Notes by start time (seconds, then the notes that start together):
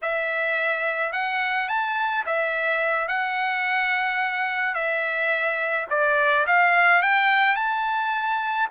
0.02 E5
1.12 F#5
1.68 A5
2.26 E5
3.08 F#5
4.74 E5
5.90 D5
6.46 F5
7.01 G5
7.56 A5